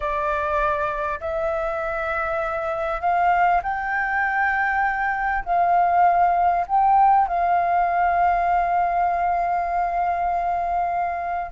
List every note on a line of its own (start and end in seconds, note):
0.00 1.19 D5
1.20 3.00 E5
3.00 3.61 F5
3.62 5.44 G5
5.44 6.66 F5
6.67 7.27 G5
7.27 11.52 F5